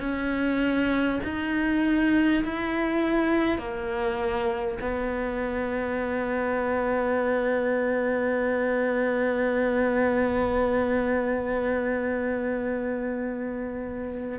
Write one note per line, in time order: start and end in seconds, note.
0.00 1.20 C#4
1.24 2.44 D#4
2.44 3.58 E4
3.58 4.78 A#3
4.82 14.39 B3